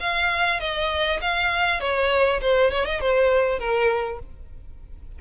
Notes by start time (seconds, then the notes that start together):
0.00 F5
0.60 D#5
1.21 F5
1.80 C#5
2.41 C5
2.71 C#5
2.85 D#5
3.00 C5
3.59 A#4